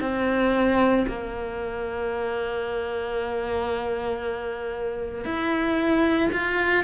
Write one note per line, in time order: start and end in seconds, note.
0.00 1.05 C4
1.08 5.24 A#3
5.24 6.30 E4
6.32 6.84 F4